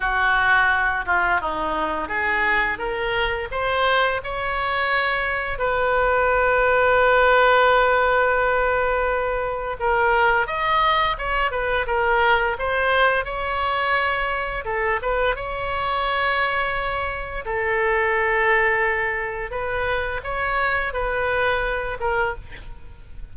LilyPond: \new Staff \with { instrumentName = "oboe" } { \time 4/4 \tempo 4 = 86 fis'4. f'8 dis'4 gis'4 | ais'4 c''4 cis''2 | b'1~ | b'2 ais'4 dis''4 |
cis''8 b'8 ais'4 c''4 cis''4~ | cis''4 a'8 b'8 cis''2~ | cis''4 a'2. | b'4 cis''4 b'4. ais'8 | }